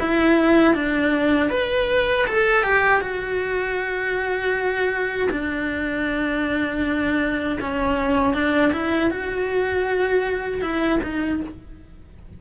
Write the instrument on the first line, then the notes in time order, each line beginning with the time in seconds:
cello
0.00 E4
0.75 D4
1.50 B4
2.27 A4
2.63 G4
3.01 F#4
5.31 D4
7.61 C#4
8.34 D4
8.73 E4
9.11 F#4
10.62 E4
11.03 D#4